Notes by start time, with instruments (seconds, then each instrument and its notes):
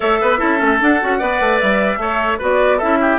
0.00 bassoon A3, clarinet A4, oboe C#5, flute E5
0.20 bassoon B3, oboe B4
0.38 bassoon C#4, clarinet E4, oboe A4
0.58 bassoon A3, clarinet C#4
0.80 clarinet D4, bassoon D4, flute F#5
1.00 bassoon C#4, clarinet F#4
1.18 bassoon B3, clarinet B4, oboe D5
1.40 bassoon A3
1.58 bassoon G3, flute E5
1.97 bassoon A3, clarinet A4, oboe C#5
2.38 bassoon B3, clarinet F#4, oboe B4, flute D5
2.77 bassoon C#4, clarinet E4, oboe A4, flute E5
3.00 oboe G4